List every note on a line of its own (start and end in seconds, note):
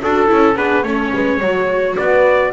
0.00 0.30 D4
0.00 0.27 F#4
0.00 0.56 A4
0.00 0.57 A4
0.27 0.56 C#4
0.27 0.55 E4
0.56 0.83 B3
0.56 0.84 D4
0.56 0.84 G#4
0.56 0.83 B4
0.83 1.11 A3
0.83 1.40 C#4
0.83 1.12 A4
0.83 1.95 C#5
1.14 1.40 G#3
1.14 1.38 B4
1.38 1.96 F#3
1.38 2.53 F#4
1.38 1.94 C#5
1.96 2.53 B3
1.96 2.52 B4
1.96 2.52 D5